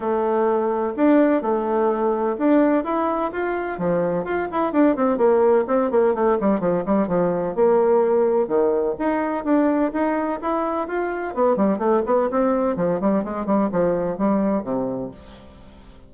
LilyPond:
\new Staff \with { instrumentName = "bassoon" } { \time 4/4 \tempo 4 = 127 a2 d'4 a4~ | a4 d'4 e'4 f'4 | f4 f'8 e'8 d'8 c'8 ais4 | c'8 ais8 a8 g8 f8 g8 f4 |
ais2 dis4 dis'4 | d'4 dis'4 e'4 f'4 | b8 g8 a8 b8 c'4 f8 g8 | gis8 g8 f4 g4 c4 | }